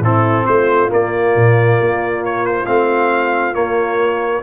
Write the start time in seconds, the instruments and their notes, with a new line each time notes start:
0.00 tuba A2, trombone C4, horn E4, trumpet A4
0.46 tuba A3, horn F4, trumpet C5
0.89 trombone A#3, tuba A#3, trumpet D5
1.36 tuba A#2
1.80 tuba A#3
2.25 trumpet C#5
2.46 trumpet C5
2.66 tuba A3, trombone C4, trumpet F5
3.54 trombone A#3, tuba A#3, trumpet C#5